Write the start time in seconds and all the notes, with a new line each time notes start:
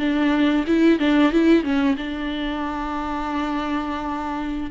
0.00 D4
0.67 E4
0.99 D4
1.32 E4
1.64 C#4
1.97 D4